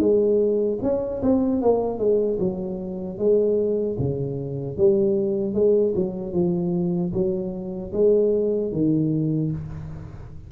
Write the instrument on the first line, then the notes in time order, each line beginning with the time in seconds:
tuba
0.00 G#3
0.83 C#4
1.22 C4
1.62 A#3
1.99 G#3
2.39 F#3
3.18 G#3
3.99 C#3
4.78 G3
5.54 G#3
5.95 F#3
6.33 F3
7.13 F#3
7.93 G#3
8.72 D#3